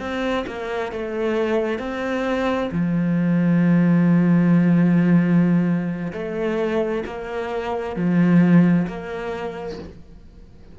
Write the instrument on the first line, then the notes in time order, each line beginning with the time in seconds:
cello
0.00 C4
0.47 A#3
0.92 A3
1.79 C4
2.72 F3
6.13 A3
7.06 A#3
7.96 F3
8.88 A#3